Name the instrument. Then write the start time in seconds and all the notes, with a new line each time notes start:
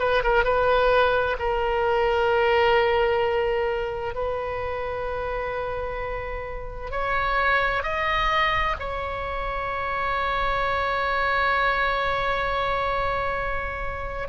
oboe
0.00 B4
0.24 A#4
0.44 B4
1.40 A#4
4.15 B4
6.91 C#5
7.83 D#5
8.80 C#5